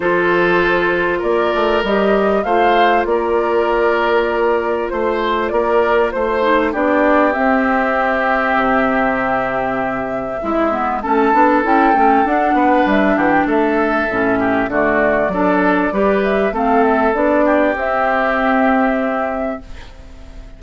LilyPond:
<<
  \new Staff \with { instrumentName = "flute" } { \time 4/4 \tempo 4 = 98 c''2 d''4 dis''4 | f''4 d''2. | c''4 d''4 c''4 d''4 | e''1~ |
e''2 a''4 g''4 | fis''4 e''8 fis''16 g''16 e''2 | d''2~ d''8 e''8 f''8 e''8 | d''4 e''2. | }
  \new Staff \with { instrumentName = "oboe" } { \time 4/4 a'2 ais'2 | c''4 ais'2. | c''4 ais'4 c''4 g'4~ | g'1~ |
g'4 e'4 a'2~ | a'8 b'4 g'8 a'4. g'8 | fis'4 a'4 b'4 a'4~ | a'8 g'2.~ g'8 | }
  \new Staff \with { instrumentName = "clarinet" } { \time 4/4 f'2. g'4 | f'1~ | f'2~ f'8 dis'8 d'4 | c'1~ |
c'4 e'8 b8 cis'8 d'8 e'8 cis'8 | d'2. cis'4 | a4 d'4 g'4 c'4 | d'4 c'2. | }
  \new Staff \with { instrumentName = "bassoon" } { \time 4/4 f2 ais8 a8 g4 | a4 ais2. | a4 ais4 a4 b4 | c'2 c2~ |
c4 gis4 a8 b8 cis'8 a8 | d'8 b8 g8 e8 a4 a,4 | d4 fis4 g4 a4 | b4 c'2. | }
>>